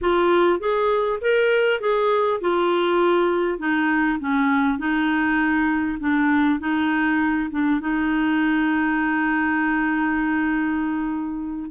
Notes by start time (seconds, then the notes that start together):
0.01 F4
0.59 G#4
1.21 A#4
1.80 G#4
2.40 F4
3.58 D#4
4.19 C#4
4.78 D#4
5.99 D4
6.59 D#4
7.50 D4
7.80 D#4